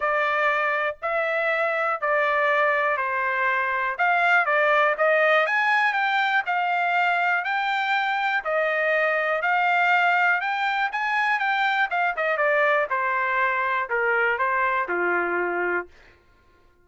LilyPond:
\new Staff \with { instrumentName = "trumpet" } { \time 4/4 \tempo 4 = 121 d''2 e''2 | d''2 c''2 | f''4 d''4 dis''4 gis''4 | g''4 f''2 g''4~ |
g''4 dis''2 f''4~ | f''4 g''4 gis''4 g''4 | f''8 dis''8 d''4 c''2 | ais'4 c''4 f'2 | }